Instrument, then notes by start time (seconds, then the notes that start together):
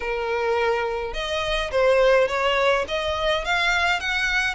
violin
0.00 A#4
1.13 D#5
1.71 C5
2.28 C#5
2.88 D#5
3.44 F5
3.99 F#5